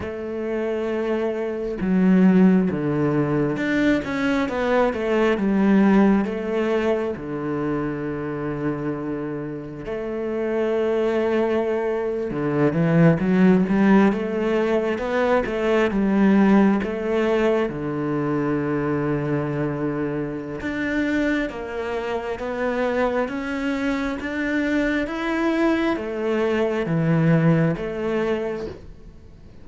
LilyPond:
\new Staff \with { instrumentName = "cello" } { \time 4/4 \tempo 4 = 67 a2 fis4 d4 | d'8 cis'8 b8 a8 g4 a4 | d2. a4~ | a4.~ a16 d8 e8 fis8 g8 a16~ |
a8. b8 a8 g4 a4 d16~ | d2. d'4 | ais4 b4 cis'4 d'4 | e'4 a4 e4 a4 | }